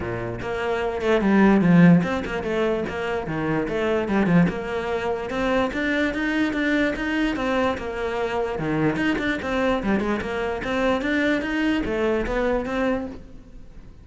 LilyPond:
\new Staff \with { instrumentName = "cello" } { \time 4/4 \tempo 4 = 147 ais,4 ais4. a8 g4 | f4 c'8 ais8 a4 ais4 | dis4 a4 g8 f8 ais4~ | ais4 c'4 d'4 dis'4 |
d'4 dis'4 c'4 ais4~ | ais4 dis4 dis'8 d'8 c'4 | g8 gis8 ais4 c'4 d'4 | dis'4 a4 b4 c'4 | }